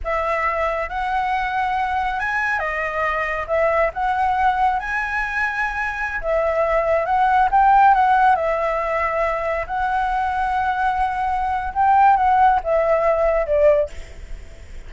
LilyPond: \new Staff \with { instrumentName = "flute" } { \time 4/4 \tempo 4 = 138 e''2 fis''2~ | fis''4 gis''4 dis''2 | e''4 fis''2 gis''4~ | gis''2~ gis''16 e''4.~ e''16~ |
e''16 fis''4 g''4 fis''4 e''8.~ | e''2~ e''16 fis''4.~ fis''16~ | fis''2. g''4 | fis''4 e''2 d''4 | }